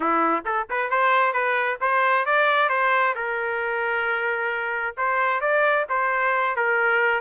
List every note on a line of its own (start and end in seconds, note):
0.00 0.44 E4
0.45 0.67 A4
0.70 0.89 B4
0.89 1.33 C5
1.33 1.78 B4
1.80 2.25 C5
2.25 2.69 D5
2.69 3.14 C5
3.15 4.95 A#4
4.97 5.40 C5
5.40 5.85 D5
5.89 6.56 C5
6.56 7.21 A#4